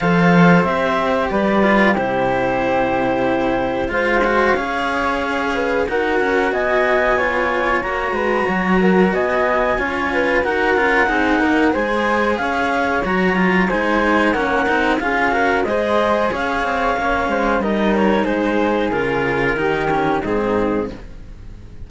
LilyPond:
<<
  \new Staff \with { instrumentName = "clarinet" } { \time 4/4 \tempo 4 = 92 f''4 e''4 d''4 c''4~ | c''2 f''2~ | f''4 fis''4 gis''2 | ais''2 gis''2 |
fis''2 gis''4 f''4 | ais''4 gis''4 fis''4 f''4 | dis''4 f''2 dis''8 cis''8 | c''4 ais'2 gis'4 | }
  \new Staff \with { instrumentName = "flute" } { \time 4/4 c''2 b'4 g'4~ | g'2 c''4 cis''4~ | cis''8 b'8 ais'4 dis''4 cis''4~ | cis''8 b'8 cis''8 ais'8 dis''4 cis''8 b'8 |
ais'4 gis'8 ais'8 c''4 cis''4~ | cis''4 c''4 ais'4 gis'8 ais'8 | c''4 cis''4. c''8 ais'4 | gis'2 g'4 dis'4 | }
  \new Staff \with { instrumentName = "cello" } { \time 4/4 a'4 g'4. f'8 e'4~ | e'2 f'8 fis'8 gis'4~ | gis'4 fis'2 f'4 | fis'2. f'4 |
fis'8 f'8 dis'4 gis'2 | fis'8 f'8 dis'4 cis'8 dis'8 f'8 fis'8 | gis'2 cis'4 dis'4~ | dis'4 f'4 dis'8 cis'8 c'4 | }
  \new Staff \with { instrumentName = "cello" } { \time 4/4 f4 c'4 g4 c4~ | c2 gis4 cis'4~ | cis'4 dis'8 cis'8 b2 | ais8 gis8 fis4 b4 cis'4 |
dis'8 cis'8 c'8 ais8 gis4 cis'4 | fis4 gis4 ais8 c'8 cis'4 | gis4 cis'8 c'8 ais8 gis8 g4 | gis4 cis4 dis4 gis,4 | }
>>